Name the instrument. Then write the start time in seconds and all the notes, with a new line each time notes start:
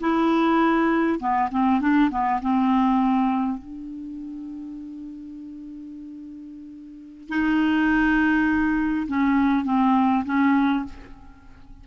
clarinet
0.00 E4
1.19 B3
1.51 C4
1.80 D4
2.10 B3
2.41 C4
3.58 D4
7.28 D#4
9.07 C#4
9.65 C4
10.25 C#4